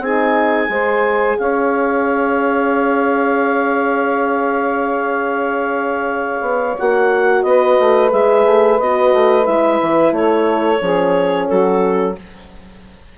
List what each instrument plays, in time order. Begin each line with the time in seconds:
0.00 bassoon C4, horn D#4, saxophone G#4, clarinet G#5
0.68 bassoon G#3, horn G#4, saxophone C5
1.39 bassoon C#4, saxophone C#5, clarinet F5
6.41 bassoon B3
6.79 bassoon A#3, horn F#4, clarinet F#5
7.43 bassoon B3, saxophone B4, clarinet D#5
7.80 bassoon A3
8.13 bassoon G#3, horn G#4, clarinet E5
8.46 bassoon A3
8.80 bassoon B3, horn F#4, clarinet D#5
9.14 bassoon A3
9.44 bassoon G#3, horn E4, clarinet E5
9.82 bassoon E3
10.12 bassoon A3, saxophone A4, clarinet C#5
10.81 bassoon F3, horn C#4, saxophone G#4
11.48 bassoon F#3, saxophone F#4, clarinet A4